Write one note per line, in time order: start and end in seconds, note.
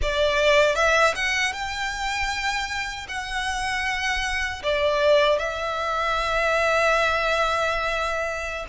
0.02 0.75 D5
0.75 1.14 E5
1.15 1.52 F#5
1.52 3.06 G5
3.08 4.62 F#5
4.63 5.38 D5
5.38 8.65 E5